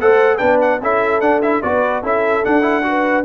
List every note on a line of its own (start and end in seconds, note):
0.00 0.41 A3
0.00 0.39 A4
0.00 0.37 C5
0.00 0.38 F#5
0.37 0.82 B3
0.37 0.80 D4
0.37 0.78 B4
0.37 0.58 G5
0.61 0.82 F#5
0.82 1.21 C#4
0.82 1.22 E4
0.82 1.64 A4
0.82 1.21 E5
1.21 1.62 D4
1.21 1.43 D4
1.21 1.41 F#5
1.42 1.63 E4
1.42 1.63 E5
1.63 2.03 B3
1.63 2.04 F#4
1.63 2.03 B4
1.63 2.03 D5
2.03 2.44 C#4
2.03 2.44 E4
2.03 2.84 A4
2.03 2.45 E5
2.44 2.62 D4
2.44 3.25 D4
2.44 3.25 F#5
2.62 2.82 E4
2.83 3.24 F#4
2.83 3.25 B4